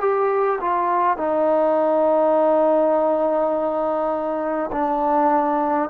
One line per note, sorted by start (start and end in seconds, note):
0.00 0.59 G4
0.60 1.17 F4
1.17 4.70 D#4
4.72 5.89 D4